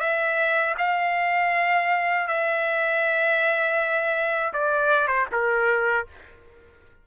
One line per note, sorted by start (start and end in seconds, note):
0.00 0.75 E5
0.78 2.28 F5
2.28 4.53 E5
4.53 5.08 D5
5.08 5.26 C5
5.32 6.07 A#4